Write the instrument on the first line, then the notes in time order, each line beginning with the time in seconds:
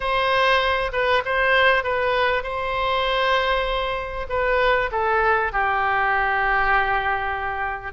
oboe
0.00 C5
0.92 B4
1.25 C5
1.83 B4
2.43 C5
4.29 B4
4.91 A4
5.52 G4